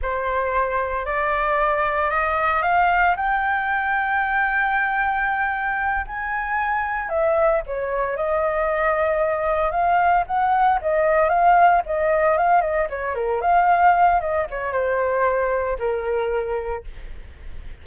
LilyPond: \new Staff \with { instrumentName = "flute" } { \time 4/4 \tempo 4 = 114 c''2 d''2 | dis''4 f''4 g''2~ | g''2.~ g''8 gis''8~ | gis''4. e''4 cis''4 dis''8~ |
dis''2~ dis''8 f''4 fis''8~ | fis''8 dis''4 f''4 dis''4 f''8 | dis''8 cis''8 ais'8 f''4. dis''8 cis''8 | c''2 ais'2 | }